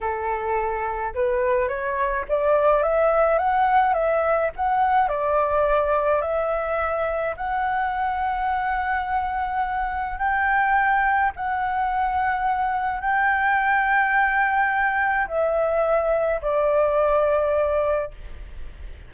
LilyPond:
\new Staff \with { instrumentName = "flute" } { \time 4/4 \tempo 4 = 106 a'2 b'4 cis''4 | d''4 e''4 fis''4 e''4 | fis''4 d''2 e''4~ | e''4 fis''2.~ |
fis''2 g''2 | fis''2. g''4~ | g''2. e''4~ | e''4 d''2. | }